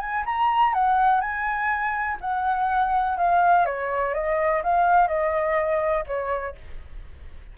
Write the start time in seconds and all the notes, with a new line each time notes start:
0.00 G#5
0.26 A#5
0.74 F#5
1.21 G#5
2.21 F#5
3.17 F5
3.66 C#5
4.14 D#5
4.63 F5
5.07 D#5
6.07 C#5